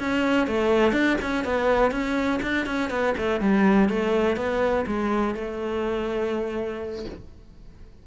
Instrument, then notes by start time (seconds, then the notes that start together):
cello
0.00 C#4
0.48 A3
0.93 D4
1.22 C#4
1.45 B3
1.92 C#4
2.43 D4
2.67 C#4
2.90 B3
3.18 A3
3.41 G3
3.90 A3
4.37 B3
4.87 G#3
5.35 A3